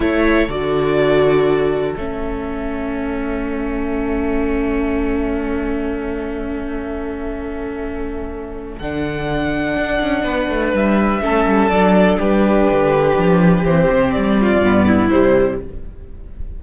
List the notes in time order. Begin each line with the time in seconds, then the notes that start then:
0.00 A3 E4 A4 C#5
0.48 D3 F#4 D5
1.95 A3 C#4 E5
8.78 D3 D4 F#5
9.76 D4
10.01 C#4
10.23 B3 B4
10.48 A3
10.73 G3 E5
11.21 A3 C#4 A4
11.47 G3
11.69 F#3 D4 D5
12.18 G3 G4 B4
12.71 D3
13.17 F3
13.63 E3 C4 C5
13.91 C3
14.11 G3 D5
14.41 F4
14.59 G2 B3
14.86 E4
15.09 C3 G3 C5